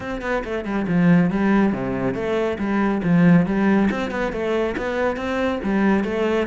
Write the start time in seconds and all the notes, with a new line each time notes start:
0.00 C4
0.21 B3
0.44 A3
0.64 G3
0.87 F3
1.30 G3
1.72 C3
2.14 A3
2.58 G3
3.03 F3
3.46 G3
3.90 C4
4.10 B3
4.32 A3
4.77 B3
5.16 C4
5.63 G3
6.04 A3